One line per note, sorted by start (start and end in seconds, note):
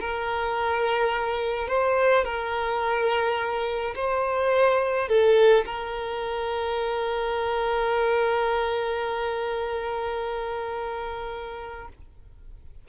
0.00 1.68 A#4
1.68 2.24 C5
2.24 3.94 A#4
3.95 5.08 C5
5.08 5.65 A4
5.66 11.88 A#4